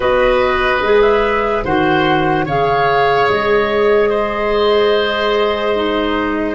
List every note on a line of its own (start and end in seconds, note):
0.00 0.81 B3
0.00 0.81 F#4
0.00 1.64 B4
0.00 1.01 D#5
0.81 1.63 G#3
0.81 1.66 G#4
1.01 1.63 E5
1.64 2.46 D#3
1.64 2.47 F#4
1.64 2.45 C5
1.64 2.46 F#5
2.45 3.28 C#3
2.45 5.75 G#4
2.45 4.09 C#5
2.45 3.29 F5
3.28 6.55 G#3
3.28 6.55 D#5
4.09 6.55 C5
5.75 6.55 D#4